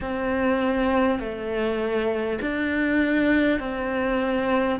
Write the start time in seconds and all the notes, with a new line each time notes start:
0.00 C4
1.19 A3
2.41 D4
3.59 C4